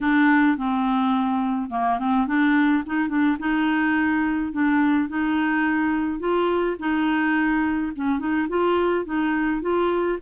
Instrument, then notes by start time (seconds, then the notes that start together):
clarinet
0.00 D4
0.57 C4
1.70 A#3
1.99 C4
2.27 D4
2.86 D#4
3.08 D4
3.39 D#4
4.52 D4
5.08 D#4
6.19 F4
6.79 D#4
7.95 C#4
8.19 D#4
8.48 F4
9.05 D#4
9.61 F4